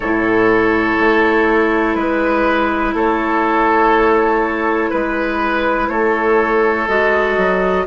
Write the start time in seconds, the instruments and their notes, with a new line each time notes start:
0.00 bassoon A2, clarinet E4, oboe A4, flute C#5
0.99 bassoon A3
1.95 bassoon G#3, flute B4, oboe B4
2.94 bassoon A3, oboe A4, flute C#5
4.90 bassoon G#3, oboe B4, flute B4
5.88 bassoon A3, oboe A4, flute C#5
6.87 bassoon G#3, clarinet F#4, flute D#5
7.37 bassoon F#3